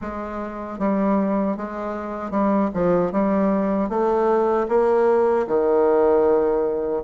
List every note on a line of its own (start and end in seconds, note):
0.01 0.79 G#3
0.79 1.57 G3
1.57 2.30 G#3
2.30 2.69 G3
2.74 3.12 F3
3.12 3.89 G3
3.89 4.67 A3
4.68 5.46 A#3
5.47 7.03 D#3